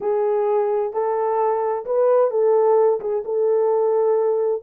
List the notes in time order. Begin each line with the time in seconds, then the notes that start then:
0.01 G#4
0.93 A4
1.85 B4
2.31 A4
3.00 G#4
3.24 A4